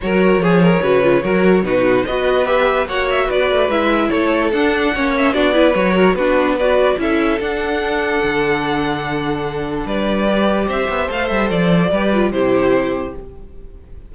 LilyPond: <<
  \new Staff \with { instrumentName = "violin" } { \time 4/4 \tempo 4 = 146 cis''1 | b'4 dis''4 e''4 fis''8 e''8 | d''4 e''4 cis''4 fis''4~ | fis''8 e''8 d''4 cis''4 b'4 |
d''4 e''4 fis''2~ | fis''1 | d''2 e''4 f''8 e''8 | d''2 c''2 | }
  \new Staff \with { instrumentName = "violin" } { \time 4/4 ais'4 gis'8 ais'8 b'4 ais'4 | fis'4 b'2 cis''4 | b'2 a'2 | cis''4 fis'8 b'4 ais'8 fis'4 |
b'4 a'2.~ | a'1 | b'2 c''2~ | c''4 b'4 g'2 | }
  \new Staff \with { instrumentName = "viola" } { \time 4/4 fis'4 gis'4 fis'8 f'8 fis'4 | dis'4 fis'4 g'4 fis'4~ | fis'4 e'2 d'4 | cis'4 d'8 e'8 fis'4 d'4 |
fis'4 e'4 d'2~ | d'1~ | d'4 g'2 a'4~ | a'4 g'8 f'8 e'2 | }
  \new Staff \with { instrumentName = "cello" } { \time 4/4 fis4 f4 cis4 fis4 | b,4 b2 ais4 | b8 a8 gis4 a4 d'4 | ais4 b4 fis4 b4~ |
b4 cis'4 d'2 | d1 | g2 c'8 b8 a8 g8 | f4 g4 c2 | }
>>